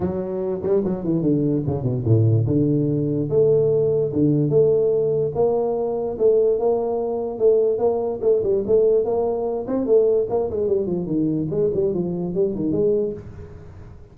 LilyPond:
\new Staff \with { instrumentName = "tuba" } { \time 4/4 \tempo 4 = 146 fis4. g8 fis8 e8 d4 | cis8 b,8 a,4 d2 | a2 d4 a4~ | a4 ais2 a4 |
ais2 a4 ais4 | a8 g8 a4 ais4. c'8 | a4 ais8 gis8 g8 f8 dis4 | gis8 g8 f4 g8 dis8 gis4 | }